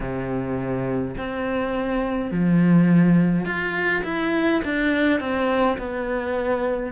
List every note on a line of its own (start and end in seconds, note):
0.00 1.15 C3
1.17 2.31 C4
2.31 3.45 F3
3.45 4.02 F4
4.04 4.62 E4
4.64 5.19 D4
5.19 5.77 C4
5.77 6.92 B3